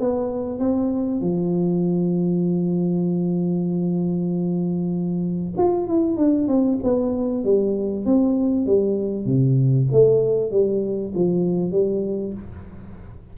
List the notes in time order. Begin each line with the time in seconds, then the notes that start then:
0.00 B3
0.59 C4
1.21 F3
5.57 F4
5.87 E4
6.17 D4
6.48 C4
6.83 B3
7.45 G3
8.05 C4
8.66 G3
9.25 C3
9.92 A3
10.51 G3
11.15 F3
11.72 G3